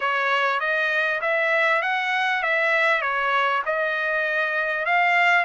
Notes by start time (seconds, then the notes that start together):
0.00 C#5
0.60 D#5
1.21 E5
1.82 F#5
2.42 E5
3.01 C#5
3.65 D#5
4.85 F5